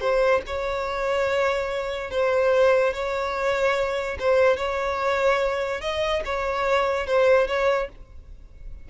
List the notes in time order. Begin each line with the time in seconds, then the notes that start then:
0.00 C5
0.46 C#5
2.11 C5
2.93 C#5
4.19 C5
4.56 C#5
5.81 D#5
6.25 C#5
7.06 C5
7.47 C#5